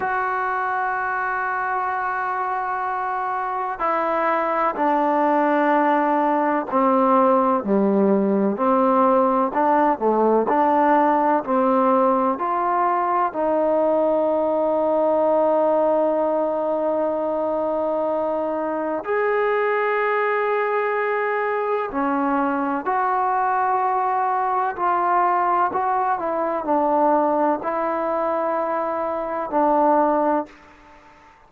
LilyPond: \new Staff \with { instrumentName = "trombone" } { \time 4/4 \tempo 4 = 63 fis'1 | e'4 d'2 c'4 | g4 c'4 d'8 a8 d'4 | c'4 f'4 dis'2~ |
dis'1 | gis'2. cis'4 | fis'2 f'4 fis'8 e'8 | d'4 e'2 d'4 | }